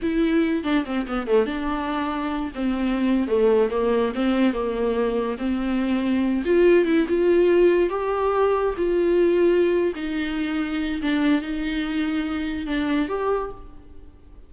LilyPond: \new Staff \with { instrumentName = "viola" } { \time 4/4 \tempo 4 = 142 e'4. d'8 c'8 b8 a8 d'8~ | d'2 c'4.~ c'16 a16~ | a8. ais4 c'4 ais4~ ais16~ | ais8. c'2~ c'8 f'8.~ |
f'16 e'8 f'2 g'4~ g'16~ | g'8. f'2~ f'8. dis'8~ | dis'2 d'4 dis'4~ | dis'2 d'4 g'4 | }